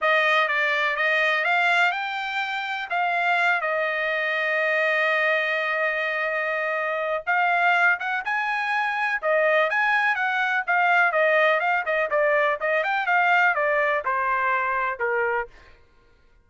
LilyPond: \new Staff \with { instrumentName = "trumpet" } { \time 4/4 \tempo 4 = 124 dis''4 d''4 dis''4 f''4 | g''2 f''4. dis''8~ | dis''1~ | dis''2. f''4~ |
f''8 fis''8 gis''2 dis''4 | gis''4 fis''4 f''4 dis''4 | f''8 dis''8 d''4 dis''8 g''8 f''4 | d''4 c''2 ais'4 | }